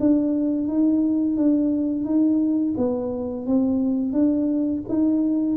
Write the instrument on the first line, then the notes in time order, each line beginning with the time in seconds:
tuba
0.00 D4
0.68 D#4
1.37 D4
2.05 D#4
2.77 B3
3.47 C4
4.13 D4
4.88 D#4